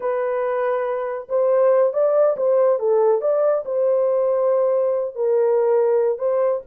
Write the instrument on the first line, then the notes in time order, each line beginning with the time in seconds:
horn
0.00 B4
1.29 C5
1.93 D5
2.36 C5
2.79 A4
3.21 D5
3.65 C5
5.15 A#4
6.18 C5